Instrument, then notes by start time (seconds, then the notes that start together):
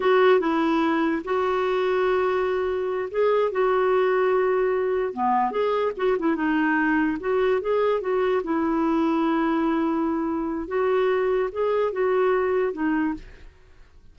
clarinet
0.00 F#4
0.40 E4
1.24 F#4
3.10 G#4
3.51 F#4
5.13 B3
5.51 G#4
5.96 F#4
6.18 E4
6.35 D#4
7.20 F#4
7.61 G#4
8.01 F#4
8.43 E4
10.67 F#4
11.52 G#4
11.92 F#4
12.72 D#4